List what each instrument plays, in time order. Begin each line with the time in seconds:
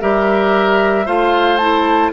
0.00 bassoon G3, clarinet G4, oboe A#4, flute E5
1.05 bassoon A3, clarinet F4, oboe C5, flute F5
1.57 clarinet E4, flute A5